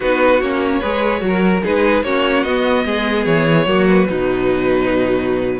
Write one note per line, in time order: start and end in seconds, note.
0.00 0.41 B3
0.00 0.41 D#4
0.00 0.80 F#4
0.00 0.41 B4
0.41 0.82 A#3
0.41 0.82 C#4
0.41 1.63 C#5
0.80 1.21 G#3
0.80 1.20 G#4
0.80 1.20 B4
1.20 1.62 F#3
1.20 1.61 F#4
1.27 1.63 A#4
1.63 2.03 G#3
1.63 2.03 D#4
1.63 2.04 G#4
1.63 2.03 B4
2.03 2.44 A#3
2.03 2.45 C#4
2.03 2.85 F#4
2.03 2.43 C#5
2.43 2.84 B3
2.43 3.67 B3
2.43 3.24 D#5
2.85 3.26 G#3
2.85 3.66 G#4
3.25 3.66 E3
3.25 3.86 C#5
3.66 4.07 F#3
3.66 4.08 A#3
3.66 4.08 F#4
3.87 5.59 B4
4.08 5.59 B2
4.08 5.59 F#3
4.08 5.59 D#4